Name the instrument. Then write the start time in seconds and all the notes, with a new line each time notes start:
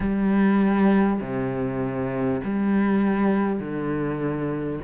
cello
0.00 G3
1.20 C3
2.43 G3
3.59 D3